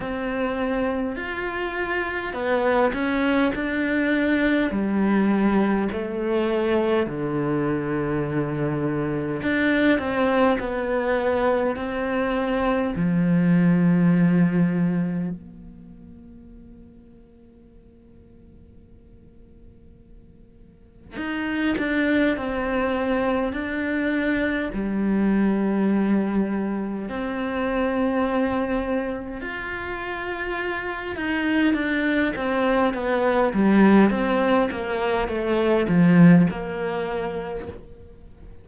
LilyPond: \new Staff \with { instrumentName = "cello" } { \time 4/4 \tempo 4 = 51 c'4 f'4 b8 cis'8 d'4 | g4 a4 d2 | d'8 c'8 b4 c'4 f4~ | f4 ais2.~ |
ais2 dis'8 d'8 c'4 | d'4 g2 c'4~ | c'4 f'4. dis'8 d'8 c'8 | b8 g8 c'8 ais8 a8 f8 ais4 | }